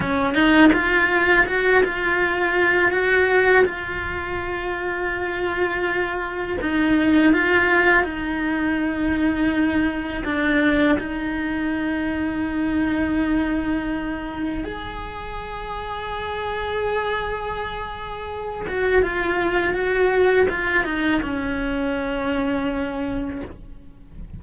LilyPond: \new Staff \with { instrumentName = "cello" } { \time 4/4 \tempo 4 = 82 cis'8 dis'8 f'4 fis'8 f'4. | fis'4 f'2.~ | f'4 dis'4 f'4 dis'4~ | dis'2 d'4 dis'4~ |
dis'1 | gis'1~ | gis'4. fis'8 f'4 fis'4 | f'8 dis'8 cis'2. | }